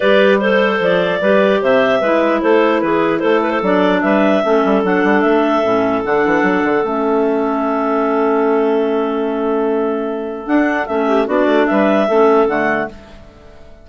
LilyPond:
<<
  \new Staff \with { instrumentName = "clarinet" } { \time 4/4 \tempo 4 = 149 d''4 c''4 d''2 | e''2 c''4 b'4 | c''8 b'16 c''16 d''4 e''2 | fis''4 e''2 fis''4~ |
fis''4 e''2.~ | e''1~ | e''2 fis''4 e''4 | d''4 e''2 fis''4 | }
  \new Staff \with { instrumentName = "clarinet" } { \time 4/4 b'4 c''2 b'4 | c''4 b'4 a'4 gis'4 | a'2 b'4 a'4~ | a'1~ |
a'1~ | a'1~ | a'2.~ a'8 g'8 | fis'4 b'4 a'2 | }
  \new Staff \with { instrumentName = "clarinet" } { \time 4/4 g'4 a'2 g'4~ | g'4 e'2.~ | e'4 d'2 cis'4 | d'2 cis'4 d'4~ |
d'4 cis'2.~ | cis'1~ | cis'2 d'4 cis'4 | d'2 cis'4 a4 | }
  \new Staff \with { instrumentName = "bassoon" } { \time 4/4 g2 f4 g4 | c4 gis4 a4 e4 | a4 fis4 g4 a8 g8 | fis8 g8 a4 a,4 d8 e8 |
fis8 d8 a2.~ | a1~ | a2 d'4 a4 | b8 a8 g4 a4 d4 | }
>>